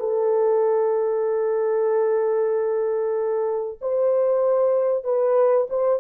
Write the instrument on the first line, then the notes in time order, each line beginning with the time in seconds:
horn
0.00 A4
3.82 C5
5.04 B4
5.70 C5